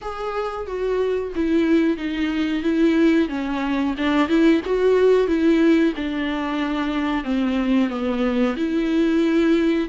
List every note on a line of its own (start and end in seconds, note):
0.01 0.66 G#4
0.66 1.32 F#4
1.35 1.97 E4
1.97 2.63 D#4
2.63 3.28 E4
3.28 3.94 C#4
3.97 4.28 D4
4.28 4.61 E4
4.65 5.27 F#4
5.27 5.93 E4
5.96 7.23 D4
7.23 7.89 C4
7.89 8.55 B3
8.56 9.88 E4